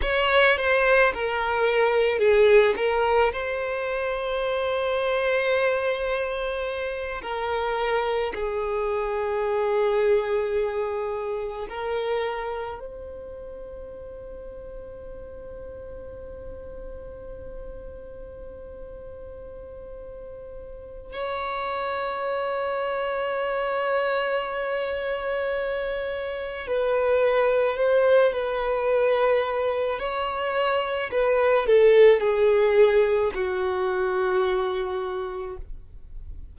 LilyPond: \new Staff \with { instrumentName = "violin" } { \time 4/4 \tempo 4 = 54 cis''8 c''8 ais'4 gis'8 ais'8 c''4~ | c''2~ c''8 ais'4 gis'8~ | gis'2~ gis'8 ais'4 c''8~ | c''1~ |
c''2. cis''4~ | cis''1 | b'4 c''8 b'4. cis''4 | b'8 a'8 gis'4 fis'2 | }